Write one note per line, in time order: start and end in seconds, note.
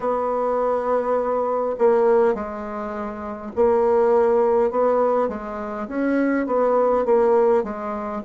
0.00 1.76 B3
1.78 2.34 A#3
2.34 3.51 G#3
3.55 4.71 A#3
4.71 5.28 B3
5.28 5.87 G#3
5.88 6.46 C#4
6.46 7.05 B3
7.05 7.63 A#3
7.63 8.22 G#3